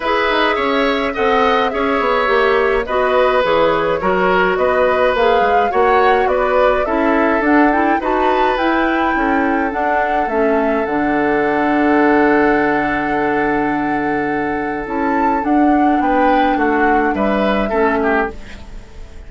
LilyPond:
<<
  \new Staff \with { instrumentName = "flute" } { \time 4/4 \tempo 4 = 105 e''2 fis''4 e''4~ | e''4 dis''4 cis''2 | dis''4 f''4 fis''4 d''4 | e''4 fis''8 g''8 a''4 g''4~ |
g''4 fis''4 e''4 fis''4~ | fis''1~ | fis''2 a''4 fis''4 | g''4 fis''4 e''2 | }
  \new Staff \with { instrumentName = "oboe" } { \time 4/4 b'4 cis''4 dis''4 cis''4~ | cis''4 b'2 ais'4 | b'2 cis''4 b'4 | a'2 b'2 |
a'1~ | a'1~ | a'1 | b'4 fis'4 b'4 a'8 g'8 | }
  \new Staff \with { instrumentName = "clarinet" } { \time 4/4 gis'2 a'4 gis'4 | g'4 fis'4 gis'4 fis'4~ | fis'4 gis'4 fis'2 | e'4 d'8 e'8 fis'4 e'4~ |
e'4 d'4 cis'4 d'4~ | d'1~ | d'2 e'4 d'4~ | d'2. cis'4 | }
  \new Staff \with { instrumentName = "bassoon" } { \time 4/4 e'8 dis'8 cis'4 c'4 cis'8 b8 | ais4 b4 e4 fis4 | b4 ais8 gis8 ais4 b4 | cis'4 d'4 dis'4 e'4 |
cis'4 d'4 a4 d4~ | d1~ | d2 cis'4 d'4 | b4 a4 g4 a4 | }
>>